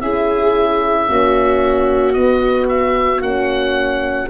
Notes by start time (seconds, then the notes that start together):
0.00 C#4 E4 G#4 E5
1.07 A#3 C#4 F#4
2.13 B3 D#5
2.68 E5
3.21 A#3 C#4 F#5